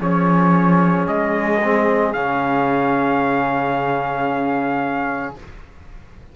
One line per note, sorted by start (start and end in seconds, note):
0.00 1.07 F3
0.00 1.62 C#4
0.00 5.36 G#4
0.00 1.08 C#5
1.07 2.14 G#3
1.07 2.13 D#5
1.64 2.15 C4
2.13 5.35 C#3
2.13 5.36 C#4
2.13 5.34 F5